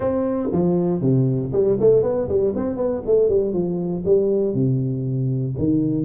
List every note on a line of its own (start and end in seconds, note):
0.00 0.49 C4
0.52 1.01 F3
1.01 1.51 C3
1.52 1.77 G3
1.79 2.02 A3
2.02 2.28 B3
2.28 2.53 G3
2.55 2.76 C4
2.76 3.01 B3
3.06 3.28 A3
3.28 3.53 G3
3.53 4.03 F3
4.05 4.54 G3
4.54 5.55 C3
5.58 6.05 D#3